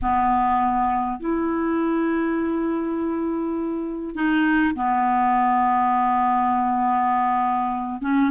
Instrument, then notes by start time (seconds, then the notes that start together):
clarinet
0.02 B3
1.19 E4
4.15 D#4
4.75 B3
8.01 C#4